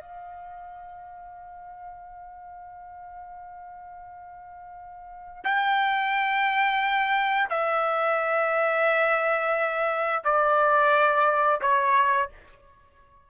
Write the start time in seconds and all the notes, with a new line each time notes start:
0.00 F5
5.44 G5
7.50 E5
10.24 D5
11.61 C#5